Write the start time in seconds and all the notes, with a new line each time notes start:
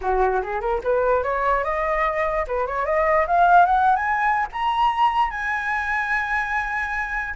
0.01 F#4
0.42 G#4
0.60 A#4
0.83 B4
1.23 C#5
1.64 D#5
2.47 B4
2.66 C#5
2.85 D#5
3.27 F5
3.65 F#5
3.96 G#5
4.52 A#5
5.30 G#5